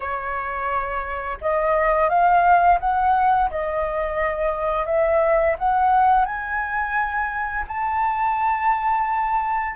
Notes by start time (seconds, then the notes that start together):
0.00 C#5
1.41 D#5
2.09 F5
2.80 F#5
3.50 D#5
4.86 E5
5.58 F#5
6.25 G#5
7.67 A5